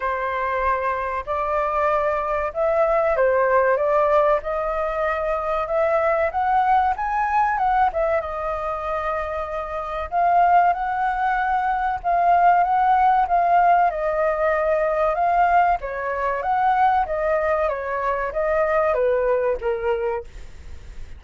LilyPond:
\new Staff \with { instrumentName = "flute" } { \time 4/4 \tempo 4 = 95 c''2 d''2 | e''4 c''4 d''4 dis''4~ | dis''4 e''4 fis''4 gis''4 | fis''8 e''8 dis''2. |
f''4 fis''2 f''4 | fis''4 f''4 dis''2 | f''4 cis''4 fis''4 dis''4 | cis''4 dis''4 b'4 ais'4 | }